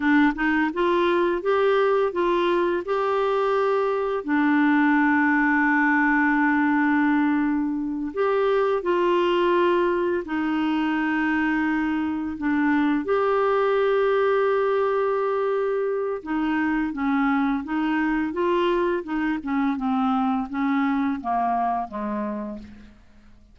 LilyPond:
\new Staff \with { instrumentName = "clarinet" } { \time 4/4 \tempo 4 = 85 d'8 dis'8 f'4 g'4 f'4 | g'2 d'2~ | d'2.~ d'8 g'8~ | g'8 f'2 dis'4.~ |
dis'4. d'4 g'4.~ | g'2. dis'4 | cis'4 dis'4 f'4 dis'8 cis'8 | c'4 cis'4 ais4 gis4 | }